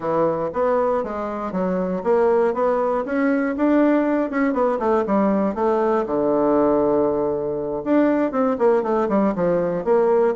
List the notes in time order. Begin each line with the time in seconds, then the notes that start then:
0.00 E3
0.53 B3
1.03 G#3
1.51 F#3
2.03 A#3
2.53 B3
3.05 C#4
3.56 D4
4.30 C#4
4.53 B3
4.79 A3
5.06 G3
5.54 A3
6.06 D3
7.84 D4
8.31 C4
8.58 A#3
8.82 A3
9.08 G3
9.35 F3
9.84 A#3